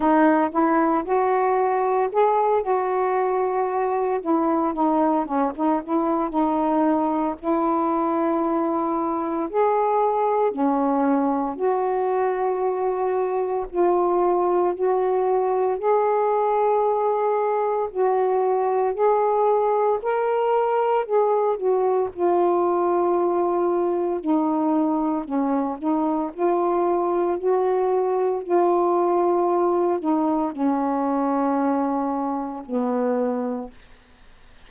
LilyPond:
\new Staff \with { instrumentName = "saxophone" } { \time 4/4 \tempo 4 = 57 dis'8 e'8 fis'4 gis'8 fis'4. | e'8 dis'8 cis'16 dis'16 e'8 dis'4 e'4~ | e'4 gis'4 cis'4 fis'4~ | fis'4 f'4 fis'4 gis'4~ |
gis'4 fis'4 gis'4 ais'4 | gis'8 fis'8 f'2 dis'4 | cis'8 dis'8 f'4 fis'4 f'4~ | f'8 dis'8 cis'2 b4 | }